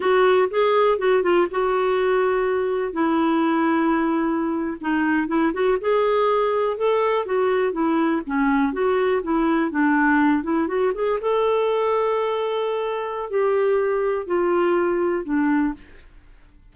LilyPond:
\new Staff \with { instrumentName = "clarinet" } { \time 4/4 \tempo 4 = 122 fis'4 gis'4 fis'8 f'8 fis'4~ | fis'2 e'2~ | e'4.~ e'16 dis'4 e'8 fis'8 gis'16~ | gis'4.~ gis'16 a'4 fis'4 e'16~ |
e'8. cis'4 fis'4 e'4 d'16~ | d'4~ d'16 e'8 fis'8 gis'8 a'4~ a'16~ | a'2. g'4~ | g'4 f'2 d'4 | }